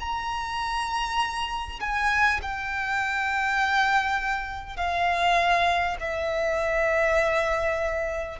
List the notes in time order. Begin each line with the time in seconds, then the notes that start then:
0.00 A#5
1.81 G#5
2.42 G5
4.77 F5
6.00 E5